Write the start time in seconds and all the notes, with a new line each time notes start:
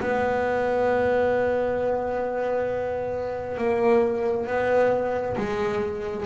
0.00 B3
3.58 A#3
4.47 B3
5.37 G#3